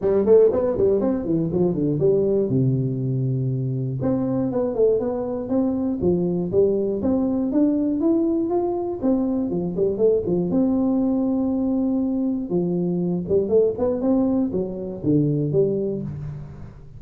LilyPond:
\new Staff \with { instrumentName = "tuba" } { \time 4/4 \tempo 4 = 120 g8 a8 b8 g8 c'8 e8 f8 d8 | g4 c2. | c'4 b8 a8 b4 c'4 | f4 g4 c'4 d'4 |
e'4 f'4 c'4 f8 g8 | a8 f8 c'2.~ | c'4 f4. g8 a8 b8 | c'4 fis4 d4 g4 | }